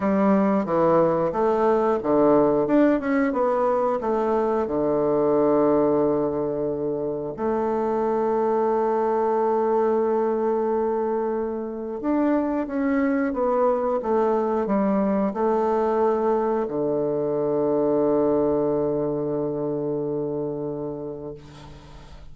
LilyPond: \new Staff \with { instrumentName = "bassoon" } { \time 4/4 \tempo 4 = 90 g4 e4 a4 d4 | d'8 cis'8 b4 a4 d4~ | d2. a4~ | a1~ |
a2 d'4 cis'4 | b4 a4 g4 a4~ | a4 d2.~ | d1 | }